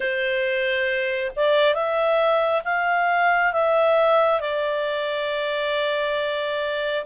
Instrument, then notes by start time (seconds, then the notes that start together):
clarinet
0.00 C5
1.36 D5
1.74 E5
2.64 F5
3.52 E5
4.40 D5